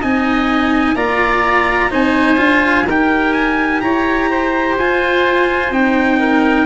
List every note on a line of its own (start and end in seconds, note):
0.00 0.96 C4
0.00 0.96 D#4
0.00 0.95 D#5
0.00 0.97 G#5
0.96 1.91 A#3
0.96 1.90 F4
0.96 1.91 D5
0.96 1.92 A#5
1.90 2.37 C4
1.90 2.37 D#4
1.90 2.86 C5
1.90 2.89 G#5
2.37 2.85 D4
2.37 2.85 F4
2.86 3.82 D#4
2.86 4.80 G4
2.86 3.82 A#4
2.86 3.33 G5
3.33 3.81 G#5
3.81 4.78 E4
3.81 4.31 C#5
3.81 4.77 A#5
4.31 6.20 C5
4.78 5.71 F4
4.78 5.72 F4
4.78 5.73 G#5
5.71 6.66 C4
5.71 6.66 D#4
5.71 6.66 G5
6.20 6.66 A#4